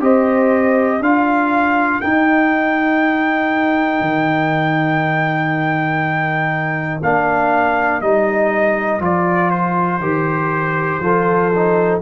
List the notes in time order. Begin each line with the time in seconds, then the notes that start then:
0.00 C4 G4 C5 D#5
1.00 D4 F4 A#4 F5
2.01 D#4 G5
4.01 D#3
7.02 A#3 D4 F5
8.01 G3 D#4 D#5
9.00 F3 F4 D5
9.50 C5
9.99 D#3 G4
11.00 F3 F4 A4
11.55 D#4